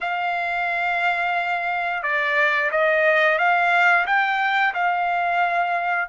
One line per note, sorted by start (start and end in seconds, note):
0.00 2.03 F5
2.03 2.70 D5
2.71 3.38 D#5
3.38 4.05 F5
4.06 4.73 G5
4.74 6.08 F5